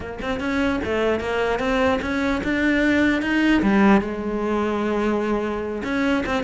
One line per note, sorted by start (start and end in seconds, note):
0.00 0.18 A#3
0.21 0.39 C4
0.39 0.80 C#4
0.84 1.20 A3
1.20 1.59 A#3
1.59 1.99 C4
2.01 2.41 C#4
2.43 3.21 D4
3.21 3.62 D#4
3.62 4.01 G3
4.01 5.82 G#3
5.83 6.23 C#4
6.25 6.43 C4